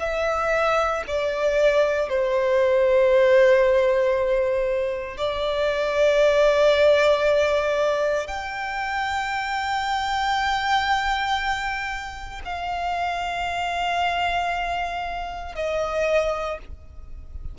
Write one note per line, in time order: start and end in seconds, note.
0.00 1.03 E5
1.08 2.09 D5
2.09 5.17 C5
5.17 8.28 D5
8.28 12.41 G5
12.45 15.55 F5
15.55 16.59 D#5